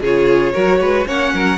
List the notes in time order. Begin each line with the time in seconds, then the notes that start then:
0.00 C#3 F4 G#4 C#5
0.53 F#3 F#4 A#4
0.80 G#3 B4
1.05 A#3 C#4 C#5 F#5
1.33 F#3 A#4